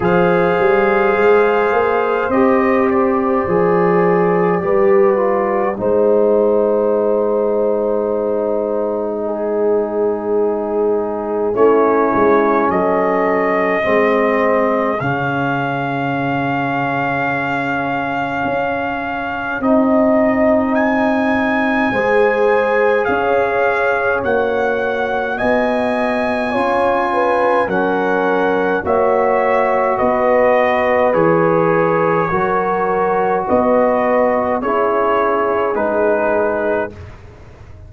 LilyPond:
<<
  \new Staff \with { instrumentName = "trumpet" } { \time 4/4 \tempo 4 = 52 f''2 dis''8 d''4.~ | d''4 c''2.~ | c''2 cis''4 dis''4~ | dis''4 f''2.~ |
f''4 dis''4 gis''2 | f''4 fis''4 gis''2 | fis''4 e''4 dis''4 cis''4~ | cis''4 dis''4 cis''4 b'4 | }
  \new Staff \with { instrumentName = "horn" } { \time 4/4 c''1 | b'4 c''2. | gis'2 e'4 a'4 | gis'1~ |
gis'2. c''4 | cis''2 dis''4 cis''8 b'8 | ais'4 cis''4 b'2 | ais'4 b'4 gis'2 | }
  \new Staff \with { instrumentName = "trombone" } { \time 4/4 gis'2 g'4 gis'4 | g'8 f'8 dis'2.~ | dis'2 cis'2 | c'4 cis'2.~ |
cis'4 dis'2 gis'4~ | gis'4 fis'2 f'4 | cis'4 fis'2 gis'4 | fis'2 e'4 dis'4 | }
  \new Staff \with { instrumentName = "tuba" } { \time 4/4 f8 g8 gis8 ais8 c'4 f4 | g4 gis2.~ | gis2 a8 gis8 fis4 | gis4 cis2. |
cis'4 c'2 gis4 | cis'4 ais4 b4 cis'4 | fis4 ais4 b4 e4 | fis4 b4 cis'4 gis4 | }
>>